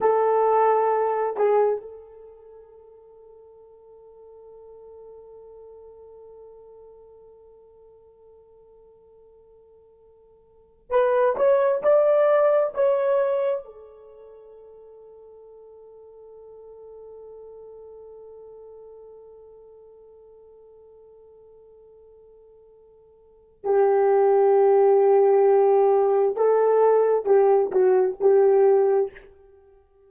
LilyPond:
\new Staff \with { instrumentName = "horn" } { \time 4/4 \tempo 4 = 66 a'4. gis'8 a'2~ | a'1~ | a'1 | b'8 cis''8 d''4 cis''4 a'4~ |
a'1~ | a'1~ | a'2 g'2~ | g'4 a'4 g'8 fis'8 g'4 | }